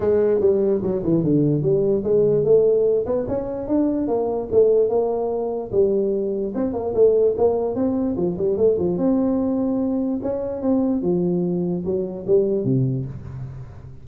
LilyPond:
\new Staff \with { instrumentName = "tuba" } { \time 4/4 \tempo 4 = 147 gis4 g4 fis8 e8 d4 | g4 gis4 a4. b8 | cis'4 d'4 ais4 a4 | ais2 g2 |
c'8 ais8 a4 ais4 c'4 | f8 g8 a8 f8 c'2~ | c'4 cis'4 c'4 f4~ | f4 fis4 g4 c4 | }